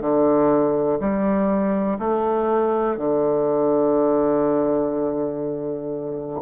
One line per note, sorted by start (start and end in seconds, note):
0.00 0.98 D3
0.99 1.98 G3
1.99 2.97 A3
2.97 6.41 D3